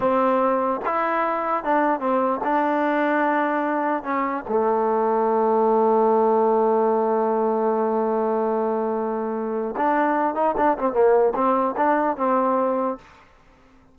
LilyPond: \new Staff \with { instrumentName = "trombone" } { \time 4/4 \tempo 4 = 148 c'2 e'2 | d'4 c'4 d'2~ | d'2 cis'4 a4~ | a1~ |
a1~ | a1 | d'4. dis'8 d'8 c'8 ais4 | c'4 d'4 c'2 | }